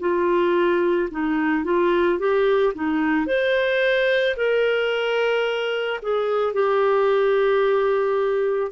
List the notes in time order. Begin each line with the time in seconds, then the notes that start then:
0.00 F4
1.11 D#4
1.64 F4
2.19 G4
2.75 D#4
3.27 C5
4.36 A#4
6.02 G#4
6.54 G4